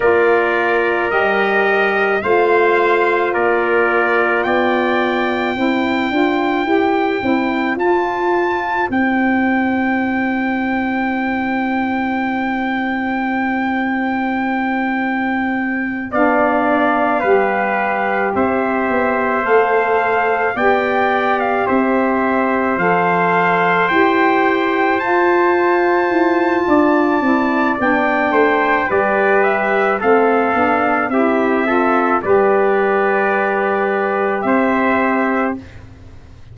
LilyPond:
<<
  \new Staff \with { instrumentName = "trumpet" } { \time 4/4 \tempo 4 = 54 d''4 dis''4 f''4 d''4 | g''2. a''4 | g''1~ | g''2~ g''8 f''4.~ |
f''8 e''4 f''4 g''8. f''16 e''8~ | e''8 f''4 g''4 a''4.~ | a''4 g''4 d''8 e''8 f''4 | e''4 d''2 e''4 | }
  \new Staff \with { instrumentName = "trumpet" } { \time 4/4 ais'2 c''4 ais'4 | d''4 c''2.~ | c''1~ | c''2~ c''8 d''4 b'8~ |
b'8 c''2 d''4 c''8~ | c''1 | d''4. c''8 b'4 a'4 | g'8 a'8 b'2 c''4 | }
  \new Staff \with { instrumentName = "saxophone" } { \time 4/4 f'4 g'4 f'2~ | f'4 e'8 f'8 g'8 e'8 f'4 | e'1~ | e'2~ e'8 d'4 g'8~ |
g'4. a'4 g'4.~ | g'8 a'4 g'4 f'4.~ | f'8 e'8 d'4 g'4 c'8 d'8 | e'8 f'8 g'2. | }
  \new Staff \with { instrumentName = "tuba" } { \time 4/4 ais4 g4 a4 ais4 | b4 c'8 d'8 e'8 c'8 f'4 | c'1~ | c'2~ c'8 b4 g8~ |
g8 c'8 b8 a4 b4 c'8~ | c'8 f4 e'4 f'4 e'8 | d'8 c'8 b8 a8 g4 a8 b8 | c'4 g2 c'4 | }
>>